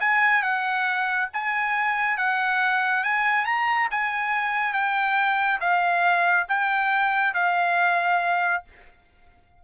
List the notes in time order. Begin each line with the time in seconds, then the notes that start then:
0.00 G#5
0.43 F#5
1.33 G#5
2.18 F#5
3.04 G#5
3.45 A#5
3.91 G#5
4.73 G5
5.61 F5
6.49 G5
7.34 F5